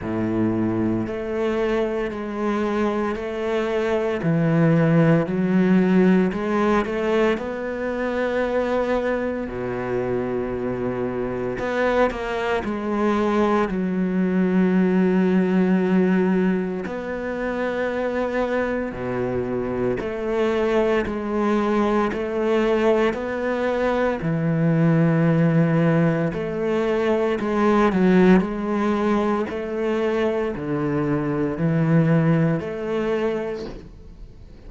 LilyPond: \new Staff \with { instrumentName = "cello" } { \time 4/4 \tempo 4 = 57 a,4 a4 gis4 a4 | e4 fis4 gis8 a8 b4~ | b4 b,2 b8 ais8 | gis4 fis2. |
b2 b,4 a4 | gis4 a4 b4 e4~ | e4 a4 gis8 fis8 gis4 | a4 d4 e4 a4 | }